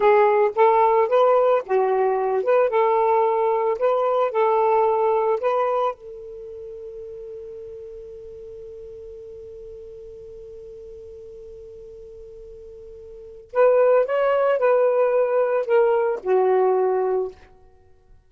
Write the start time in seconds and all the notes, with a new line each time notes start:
0.00 G#4
0.55 A4
1.08 B4
1.65 F#4
2.43 B4
2.69 A4
3.78 B4
4.31 A4
5.40 B4
5.94 A4
13.53 B4
14.05 C#5
14.58 B4
15.65 A#4
16.23 F#4